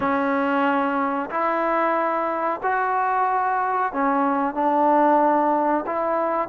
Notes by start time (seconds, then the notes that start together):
0.00 C#4
1.30 E4
2.63 F#4
3.92 C#4
4.54 D4
5.86 E4